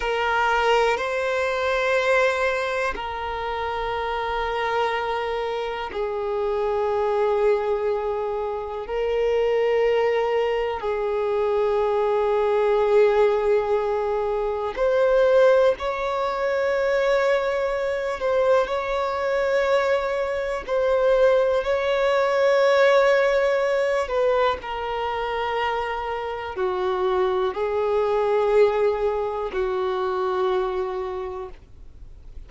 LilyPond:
\new Staff \with { instrumentName = "violin" } { \time 4/4 \tempo 4 = 61 ais'4 c''2 ais'4~ | ais'2 gis'2~ | gis'4 ais'2 gis'4~ | gis'2. c''4 |
cis''2~ cis''8 c''8 cis''4~ | cis''4 c''4 cis''2~ | cis''8 b'8 ais'2 fis'4 | gis'2 fis'2 | }